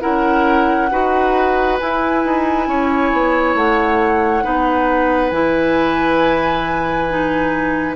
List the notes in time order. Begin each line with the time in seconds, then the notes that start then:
0.00 C#4 E4 A#4 F#5
0.91 D#4 F#4 B4
1.79 E4 G#5
2.24 D#4
2.67 C#4 C#5
3.12 B3
3.54 A3 F#5
4.43 B3 D#4 B4
5.30 E3 E4 G#5
7.09 D#4